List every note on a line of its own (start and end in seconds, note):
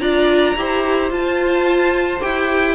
0.00 0.56 D4
0.00 0.56 F4
0.00 0.57 D5
0.00 1.10 A#5
0.57 1.11 E4
0.57 1.11 G4
0.57 2.75 C5
1.11 2.20 F4
1.11 2.21 F4
1.11 2.22 A5
2.20 2.75 E4
2.20 2.75 G4
2.20 2.75 G5